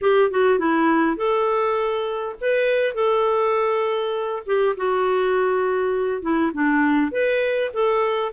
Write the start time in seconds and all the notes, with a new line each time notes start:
0.01 G4
0.31 F#4
0.58 E4
1.16 A4
2.41 B4
2.94 A4
4.46 G4
4.76 F#4
6.22 E4
6.53 D4
7.11 B4
7.73 A4